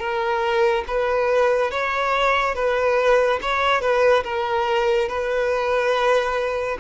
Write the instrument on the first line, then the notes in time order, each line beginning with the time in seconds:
violin
0.00 A#4
0.88 B4
1.71 C#5
2.55 B4
3.42 C#5
3.81 B4
4.24 A#4
5.09 B4